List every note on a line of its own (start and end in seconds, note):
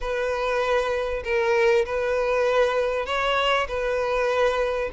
0.01 1.23 B4
1.24 1.85 A#4
1.85 3.06 B4
3.06 3.67 C#5
3.68 4.90 B4